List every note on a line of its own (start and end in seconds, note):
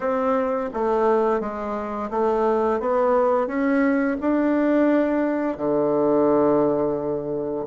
0.00 0.70 C4
0.73 1.40 A3
1.40 2.10 G#3
2.10 2.79 A3
2.79 3.47 B3
3.47 4.17 C#4
4.21 5.57 D4
5.57 7.66 D3